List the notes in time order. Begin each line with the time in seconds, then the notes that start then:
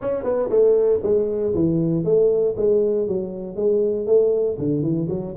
0.01 C#4
0.23 B3
0.49 A3
1.02 G#3
1.54 E3
2.04 A3
2.56 G#3
3.07 F#3
3.55 G#3
4.06 A3
4.58 D3
4.82 E3
5.09 F#3